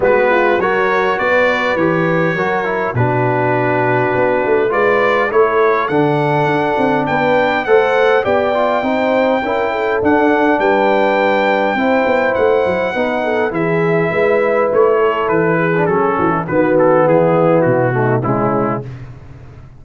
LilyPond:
<<
  \new Staff \with { instrumentName = "trumpet" } { \time 4/4 \tempo 4 = 102 b'4 cis''4 d''4 cis''4~ | cis''4 b'2. | d''4 cis''4 fis''2 | g''4 fis''4 g''2~ |
g''4 fis''4 g''2~ | g''4 fis''2 e''4~ | e''4 cis''4 b'4 a'4 | b'8 a'8 gis'4 fis'4 e'4 | }
  \new Staff \with { instrumentName = "horn" } { \time 4/4 fis'8 f'8 ais'4 b'2 | ais'4 fis'2. | b'4 a'2. | b'4 c''4 d''4 c''4 |
ais'8 a'4. b'2 | c''2 b'8 a'8 gis'4 | b'4. a'4 gis'4 fis'16 e'16 | fis'4 e'4. dis'8 cis'4 | }
  \new Staff \with { instrumentName = "trombone" } { \time 4/4 b4 fis'2 g'4 | fis'8 e'8 d'2. | f'4 e'4 d'2~ | d'4 a'4 g'8 f'8 dis'4 |
e'4 d'2. | e'2 dis'4 e'4~ | e'2~ e'8. d'16 cis'4 | b2~ b8 a8 gis4 | }
  \new Staff \with { instrumentName = "tuba" } { \time 4/4 gis4 fis4 b4 e4 | fis4 b,2 b8 a8 | gis4 a4 d4 d'8 c'8 | b4 a4 b4 c'4 |
cis'4 d'4 g2 | c'8 b8 a8 fis8 b4 e4 | gis4 a4 e4 fis8 e8 | dis4 e4 b,4 cis4 | }
>>